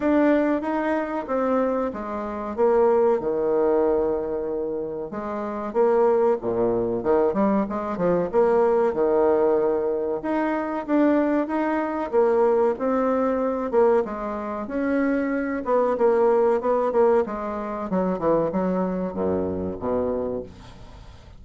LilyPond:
\new Staff \with { instrumentName = "bassoon" } { \time 4/4 \tempo 4 = 94 d'4 dis'4 c'4 gis4 | ais4 dis2. | gis4 ais4 ais,4 dis8 g8 | gis8 f8 ais4 dis2 |
dis'4 d'4 dis'4 ais4 | c'4. ais8 gis4 cis'4~ | cis'8 b8 ais4 b8 ais8 gis4 | fis8 e8 fis4 fis,4 b,4 | }